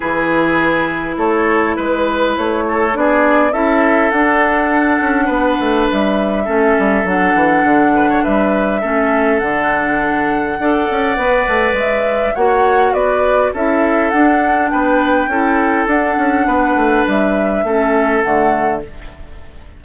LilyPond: <<
  \new Staff \with { instrumentName = "flute" } { \time 4/4 \tempo 4 = 102 b'2 cis''4 b'4 | cis''4 d''4 e''4 fis''4~ | fis''2 e''2 | fis''2 e''2 |
fis''1 | e''4 fis''4 d''4 e''4 | fis''4 g''2 fis''4~ | fis''4 e''2 fis''4 | }
  \new Staff \with { instrumentName = "oboe" } { \time 4/4 gis'2 a'4 b'4~ | b'8 a'8 gis'4 a'2~ | a'4 b'2 a'4~ | a'4. b'16 cis''16 b'4 a'4~ |
a'2 d''2~ | d''4 cis''4 b'4 a'4~ | a'4 b'4 a'2 | b'2 a'2 | }
  \new Staff \with { instrumentName = "clarinet" } { \time 4/4 e'1~ | e'4 d'4 e'4 d'4~ | d'2. cis'4 | d'2. cis'4 |
d'2 a'4 b'4~ | b'4 fis'2 e'4 | d'2 e'4 d'4~ | d'2 cis'4 a4 | }
  \new Staff \with { instrumentName = "bassoon" } { \time 4/4 e2 a4 gis4 | a4 b4 cis'4 d'4~ | d'8 cis'8 b8 a8 g4 a8 g8 | fis8 e8 d4 g4 a4 |
d2 d'8 cis'8 b8 a8 | gis4 ais4 b4 cis'4 | d'4 b4 cis'4 d'8 cis'8 | b8 a8 g4 a4 d4 | }
>>